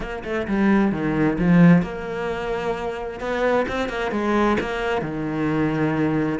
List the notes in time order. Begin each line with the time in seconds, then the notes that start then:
0.00 A#3
0.24 A3
0.47 G3
0.91 D#3
1.38 F3
1.82 A#3
3.20 B3
3.68 C4
3.88 A#3
4.11 G#3
4.60 A#3
5.01 D#3